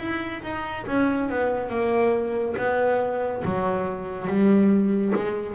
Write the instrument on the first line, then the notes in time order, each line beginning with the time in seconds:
double bass
0.00 E4
0.43 D#4
0.87 C#4
1.30 B3
1.70 A#3
2.58 B3
3.45 F#3
4.28 G3
5.16 G#3